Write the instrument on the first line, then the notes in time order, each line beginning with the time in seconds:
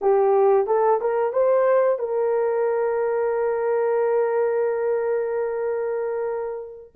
horn
0.01 G4
0.67 A4
1.00 A#4
1.32 C5
1.98 A#4